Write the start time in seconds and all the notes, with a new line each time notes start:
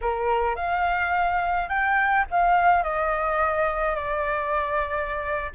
0.01 A#4
0.55 F5
1.68 G5
2.30 F5
2.83 D#5
3.95 D5